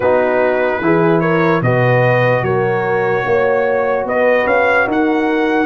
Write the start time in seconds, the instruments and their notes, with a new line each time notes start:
0.00 tuba B3, trombone D#4, horn F#4, trumpet B4
0.80 tuba E3, trombone E4, horn G#4
1.20 horn A#4, trumpet C#5
1.61 tuba B2, trombone F#4, horn B4, trumpet D#5
2.42 tuba F#3, horn A#4, trumpet C#5
3.25 tuba A#3, horn C#5
4.04 tuba B3, horn B4, trumpet D#5
4.45 tuba C#4, trumpet F5
4.86 tuba D#4, horn A#4, trumpet F#5